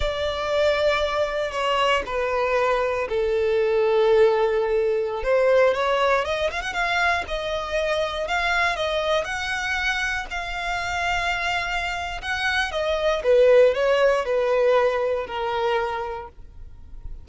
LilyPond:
\new Staff \with { instrumentName = "violin" } { \time 4/4 \tempo 4 = 118 d''2. cis''4 | b'2 a'2~ | a'2~ a'16 c''4 cis''8.~ | cis''16 dis''8 f''16 fis''16 f''4 dis''4.~ dis''16~ |
dis''16 f''4 dis''4 fis''4.~ fis''16~ | fis''16 f''2.~ f''8. | fis''4 dis''4 b'4 cis''4 | b'2 ais'2 | }